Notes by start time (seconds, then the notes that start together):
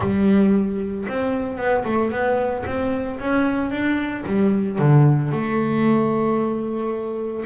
0.00 G3
1.08 C4
1.57 B3
1.84 A3
2.11 B3
2.65 C4
3.19 C#4
3.70 D4
4.26 G3
4.78 D3
5.31 A3